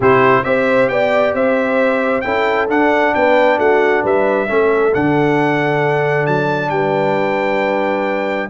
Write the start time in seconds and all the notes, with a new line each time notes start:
0.00 C3 E4 G4 C5
0.44 C4 G4 C5 E5
0.88 B3 D5 G5
1.33 C4 C5 E5
2.21 C#4 E4 A4 G5
2.68 D4 F#5
3.14 B3 B4 G5
3.58 A3 F#4 F#5
4.02 G3 B4 E5
4.47 A3 C#4 A4
4.93 D3 D4 F#5
6.26 F#3 A5
6.69 G3 B4 G5